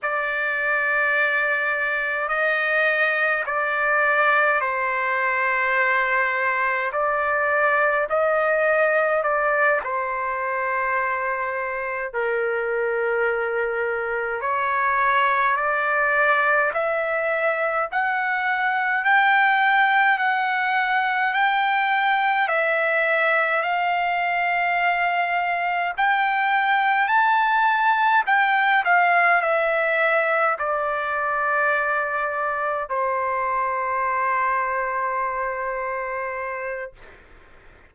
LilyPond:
\new Staff \with { instrumentName = "trumpet" } { \time 4/4 \tempo 4 = 52 d''2 dis''4 d''4 | c''2 d''4 dis''4 | d''8 c''2 ais'4.~ | ais'8 cis''4 d''4 e''4 fis''8~ |
fis''8 g''4 fis''4 g''4 e''8~ | e''8 f''2 g''4 a''8~ | a''8 g''8 f''8 e''4 d''4.~ | d''8 c''2.~ c''8 | }